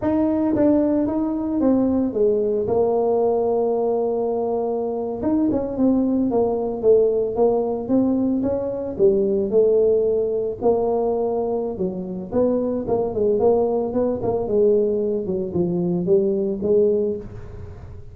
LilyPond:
\new Staff \with { instrumentName = "tuba" } { \time 4/4 \tempo 4 = 112 dis'4 d'4 dis'4 c'4 | gis4 ais2.~ | ais4.~ ais16 dis'8 cis'8 c'4 ais16~ | ais8. a4 ais4 c'4 cis'16~ |
cis'8. g4 a2 ais16~ | ais2 fis4 b4 | ais8 gis8 ais4 b8 ais8 gis4~ | gis8 fis8 f4 g4 gis4 | }